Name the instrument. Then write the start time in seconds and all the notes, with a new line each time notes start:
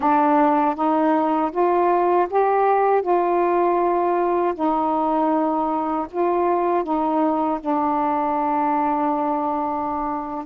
saxophone
0.00 D4
0.75 D#4
1.51 F4
2.30 G4
3.02 F4
4.54 D#4
6.11 F4
6.83 D#4
7.60 D4